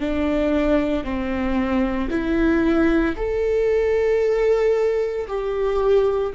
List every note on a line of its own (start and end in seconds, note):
0.00 1.04 D4
1.04 2.09 C4
2.10 3.15 E4
3.17 5.27 A4
5.28 6.33 G4